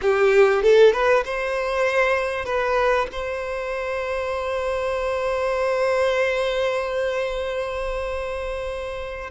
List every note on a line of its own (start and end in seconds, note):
0.01 0.62 G4
0.62 0.93 A4
0.93 1.23 B4
1.24 2.45 C5
2.45 3.06 B4
3.12 9.30 C5